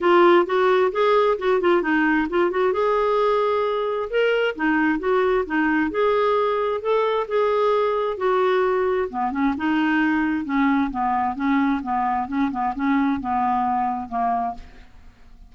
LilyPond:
\new Staff \with { instrumentName = "clarinet" } { \time 4/4 \tempo 4 = 132 f'4 fis'4 gis'4 fis'8 f'8 | dis'4 f'8 fis'8 gis'2~ | gis'4 ais'4 dis'4 fis'4 | dis'4 gis'2 a'4 |
gis'2 fis'2 | b8 cis'8 dis'2 cis'4 | b4 cis'4 b4 cis'8 b8 | cis'4 b2 ais4 | }